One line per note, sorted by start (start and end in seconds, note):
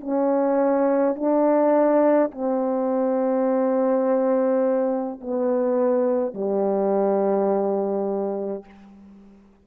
0.00 1.15 C#4
1.15 2.31 D4
2.31 5.20 C4
5.20 6.34 B3
6.34 8.64 G3